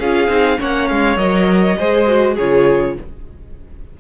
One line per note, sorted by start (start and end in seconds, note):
0.00 0.28 C#4
0.00 0.29 F4
0.00 0.59 G#4
0.00 0.60 F5
0.28 0.58 C4
0.28 0.58 D#4
0.59 0.91 A#3
0.59 1.18 C#4
0.59 1.78 C#5
0.59 0.88 F#5
0.88 1.17 G#3
0.88 1.18 F5
1.17 1.76 F#3
1.17 1.77 A#4
1.17 2.37 D#5
1.79 2.38 G#3
1.79 2.08 G#4
1.79 2.35 C5
2.08 2.37 F#4
2.35 2.98 C#3
2.35 3.00 F4
2.35 2.94 G#4
2.35 2.98 C#5